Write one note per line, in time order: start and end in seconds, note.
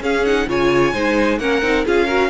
0.00 0.23 C#4
0.00 0.46 C#4
0.00 0.48 G#4
0.00 0.25 F5
0.25 0.48 D#4
0.25 0.48 F#5
0.47 0.92 C#3
0.47 0.94 F4
0.47 0.93 C#5
0.47 1.38 G#5
0.93 1.39 G#3
0.93 1.40 D#4
0.93 1.39 C5
1.38 1.62 A#3
1.38 1.62 C#4
1.38 1.85 A#4
1.38 1.84 F#5
1.62 1.85 C4
1.62 1.85 D#4
1.85 2.29 C#4
1.85 2.07 F4
1.85 2.05 G#4
1.85 2.29 F5
2.05 2.29 F#4
2.05 2.28 A#4